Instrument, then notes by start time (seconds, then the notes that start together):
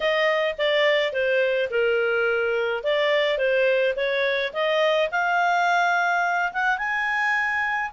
clarinet
0.00 D#5
0.58 D5
1.12 C5
1.70 A#4
2.83 D5
3.38 C5
3.96 C#5
4.53 D#5
5.11 F5
6.52 F#5
6.77 G#5